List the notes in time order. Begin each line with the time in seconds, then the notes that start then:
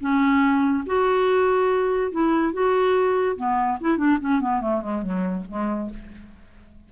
0.00 C#4
0.86 F#4
2.11 E4
2.53 F#4
3.36 B3
3.80 E4
3.97 D4
4.20 C#4
4.40 B3
4.61 A3
4.81 G#3
5.03 F#3
5.48 G#3